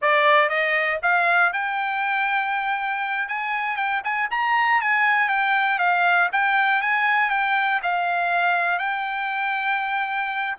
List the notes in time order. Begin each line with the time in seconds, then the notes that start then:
0.01 D5
0.49 D#5
1.02 F5
1.52 G5
3.28 G#5
3.76 G5
4.04 G#5
4.30 A#5
4.81 G#5
5.28 G5
5.78 F5
6.32 G5
6.81 G#5
7.30 G5
7.82 F5
8.78 G5